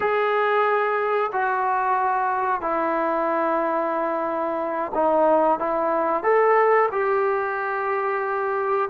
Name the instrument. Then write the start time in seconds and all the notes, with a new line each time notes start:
trombone
0.00 G#4
1.32 F#4
2.61 E4
4.94 D#4
5.59 E4
6.23 A4
6.91 G4